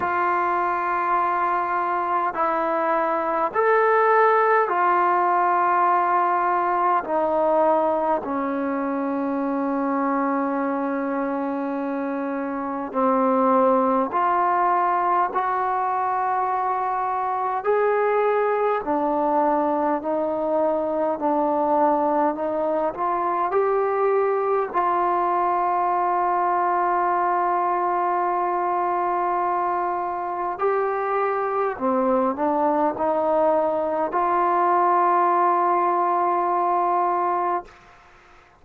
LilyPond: \new Staff \with { instrumentName = "trombone" } { \time 4/4 \tempo 4 = 51 f'2 e'4 a'4 | f'2 dis'4 cis'4~ | cis'2. c'4 | f'4 fis'2 gis'4 |
d'4 dis'4 d'4 dis'8 f'8 | g'4 f'2.~ | f'2 g'4 c'8 d'8 | dis'4 f'2. | }